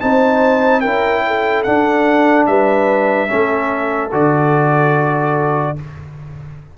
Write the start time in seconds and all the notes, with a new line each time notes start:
0.00 C4 D#4 C5 A5
0.80 C#4 E4 A#4 G5
1.27 A4
1.63 D4 F#5
2.46 G3 B4 E5
3.28 A3 C#4 A4
4.11 D3 F#4 D5